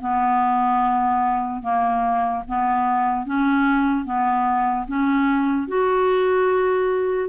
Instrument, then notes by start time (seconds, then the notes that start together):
clarinet
0.00 B3
1.62 A#3
2.47 B3
3.26 C#4
4.05 B3
4.87 C#4
5.68 F#4